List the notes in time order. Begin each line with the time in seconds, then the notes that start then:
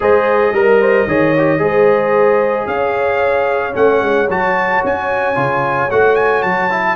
0.00 G#3 G#4 C5 D#5
0.52 G3 A#4
0.80 C5
1.07 D#3 G#4 C#5
1.37 G4
1.58 G#3 G#4 C5
2.67 C#4 C#5 F5
3.72 A3 C#4 F#5
4.01 G#3
4.29 F#3 F#4 A5
4.83 C#4 G#5
5.35 C#3 F4
5.91 A3 F#4 F#5
6.15 G#5
6.42 F#3 A5
6.69 E4